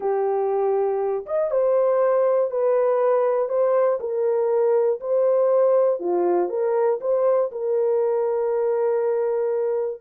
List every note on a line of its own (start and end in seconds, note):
0.00 1.25 G4
1.25 1.50 D#5
1.50 2.50 C5
2.50 3.48 B4
3.48 3.98 C5
4.00 5.00 A#4
5.00 5.99 C5
5.99 6.49 F4
6.49 6.99 A#4
7.00 7.50 C5
7.51 10.01 A#4